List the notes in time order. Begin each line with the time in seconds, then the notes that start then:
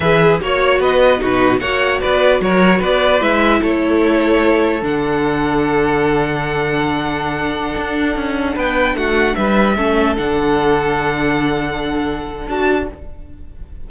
0.00 E3 G#4 B4 E5
0.41 A#3 F#4 C#5
0.79 B3 B4 D#5
1.18 B2 D#4 F#4 B4
1.59 A#3 F#4 C#5 F#5
2.00 B3 B4 D5
2.40 F#3 A#4 C#5
2.79 B3 B4 D5
3.20 G#3 E4 E5
3.60 A3 A4 C#5
4.82 D3 D4 F#5
7.77 D4
8.15 C#4
8.55 B3 B4 G5
8.94 A3 F#4 F#5
9.35 G3 B4 E5
9.76 A3 C#4 A4
10.16 D3 D4 F#5
12.47 D4 F#4 A5